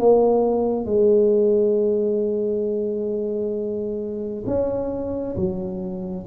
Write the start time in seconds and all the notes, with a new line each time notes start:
0.00 A#3
0.86 G#3
4.47 C#4
5.37 F#3